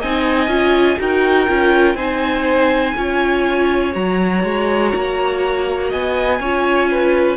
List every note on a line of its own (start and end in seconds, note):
0.00 0.48 C4
0.00 0.49 D#4
0.00 0.98 D#5
0.00 1.00 G#5
0.48 0.97 C#4
0.48 0.98 F4
0.98 1.49 D#4
0.98 1.47 F#4
0.98 1.95 A#4
0.98 1.96 G5
1.47 1.95 C#4
1.47 1.96 F4
1.95 2.93 C4
1.95 2.95 D#4
1.95 2.94 C5
1.95 3.93 G#5
2.96 3.95 C#4
2.96 3.93 F4
2.96 5.90 C#5
3.93 4.43 F#3
3.93 6.39 F#4
3.93 5.91 A#5
4.43 4.93 G#3
4.95 5.93 A#3
5.90 6.40 B3
5.90 6.39 D#5
5.90 7.37 G#5
6.40 7.37 C#4
6.40 7.37 F4
6.40 6.90 C#5
6.91 7.37 B4